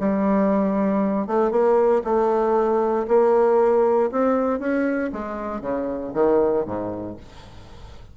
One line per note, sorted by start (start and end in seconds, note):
0.00 1.27 G3
1.27 1.51 A3
1.51 2.02 A#3
2.04 3.07 A3
3.08 4.10 A#3
4.11 4.59 C4
4.59 5.11 C#4
5.13 5.61 G#3
5.61 6.13 C#3
6.14 6.65 D#3
6.65 7.17 G#2